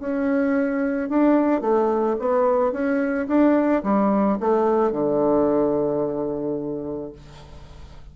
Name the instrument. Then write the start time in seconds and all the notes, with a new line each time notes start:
bassoon
0.00 C#4
1.09 D4
1.61 A3
2.20 B3
2.72 C#4
3.28 D4
3.84 G3
4.40 A3
4.92 D3